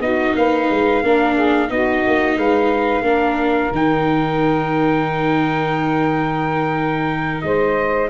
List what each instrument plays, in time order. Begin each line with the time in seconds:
0.00 tuba B3, viola D#4, saxophone F#4, trumpet D#5
0.36 tuba A#3, saxophone B4, trumpet F5
0.71 tuba G#3
1.03 tuba A#3, viola D4, saxophone A#4
1.35 saxophone G#4
1.68 tuba B3, viola D#4, saxophone F#4, trumpet D#5
2.08 tuba A#3
2.37 tuba G#3, saxophone B4, trumpet F5
3.01 tuba A#3, viola D4, saxophone A#4
3.72 tuba D#3, viola D#4, trumpet G5
7.42 tuba G#3, saxophone C5, trumpet D#5